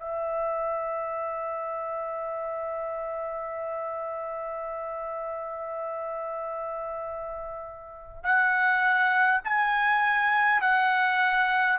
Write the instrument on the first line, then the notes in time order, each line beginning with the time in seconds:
trumpet
0.00 E5
8.24 F#5
9.45 G#5
10.61 F#5